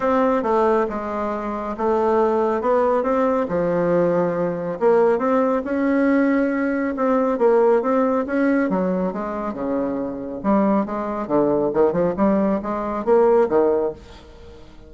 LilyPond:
\new Staff \with { instrumentName = "bassoon" } { \time 4/4 \tempo 4 = 138 c'4 a4 gis2 | a2 b4 c'4 | f2. ais4 | c'4 cis'2. |
c'4 ais4 c'4 cis'4 | fis4 gis4 cis2 | g4 gis4 d4 dis8 f8 | g4 gis4 ais4 dis4 | }